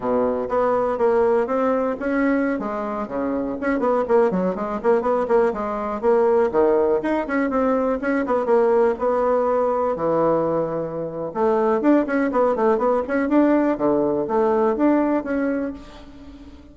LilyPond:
\new Staff \with { instrumentName = "bassoon" } { \time 4/4 \tempo 4 = 122 b,4 b4 ais4 c'4 | cis'4~ cis'16 gis4 cis4 cis'8 b16~ | b16 ais8 fis8 gis8 ais8 b8 ais8 gis8.~ | gis16 ais4 dis4 dis'8 cis'8 c'8.~ |
c'16 cis'8 b8 ais4 b4.~ b16~ | b16 e2~ e8. a4 | d'8 cis'8 b8 a8 b8 cis'8 d'4 | d4 a4 d'4 cis'4 | }